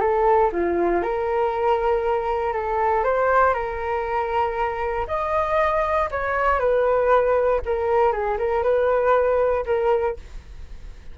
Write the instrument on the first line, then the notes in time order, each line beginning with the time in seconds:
flute
0.00 A4
0.52 F4
1.02 A#4
2.53 A4
3.04 C5
3.54 A#4
5.08 D#5
6.11 C#5
6.59 B4
7.65 A#4
8.12 G#4
8.38 A#4
8.63 B4
9.66 A#4